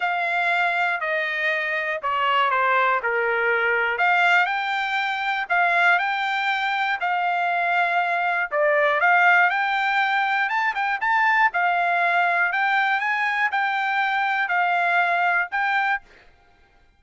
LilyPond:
\new Staff \with { instrumentName = "trumpet" } { \time 4/4 \tempo 4 = 120 f''2 dis''2 | cis''4 c''4 ais'2 | f''4 g''2 f''4 | g''2 f''2~ |
f''4 d''4 f''4 g''4~ | g''4 a''8 g''8 a''4 f''4~ | f''4 g''4 gis''4 g''4~ | g''4 f''2 g''4 | }